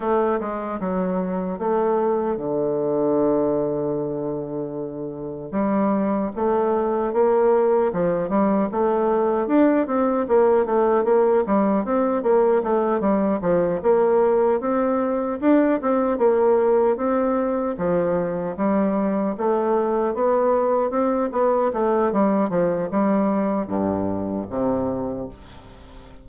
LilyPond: \new Staff \with { instrumentName = "bassoon" } { \time 4/4 \tempo 4 = 76 a8 gis8 fis4 a4 d4~ | d2. g4 | a4 ais4 f8 g8 a4 | d'8 c'8 ais8 a8 ais8 g8 c'8 ais8 |
a8 g8 f8 ais4 c'4 d'8 | c'8 ais4 c'4 f4 g8~ | g8 a4 b4 c'8 b8 a8 | g8 f8 g4 g,4 c4 | }